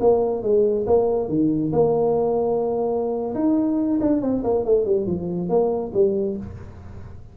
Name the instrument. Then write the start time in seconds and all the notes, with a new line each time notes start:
tuba
0.00 A#3
0.42 G#3
0.86 A#3
1.28 D#3
1.72 A#3
3.34 D#4
4.00 D4
4.21 C4
4.43 A#3
4.65 A3
4.85 G3
5.07 F3
5.49 A#3
5.94 G3